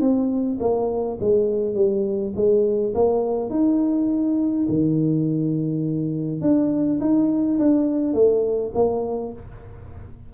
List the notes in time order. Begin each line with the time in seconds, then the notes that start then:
0.00 C4
0.60 A#3
1.20 G#3
1.74 G3
2.35 G#3
2.94 A#3
3.50 D#4
4.68 D#3
6.41 D4
7.00 D#4
7.58 D4
8.13 A3
8.74 A#3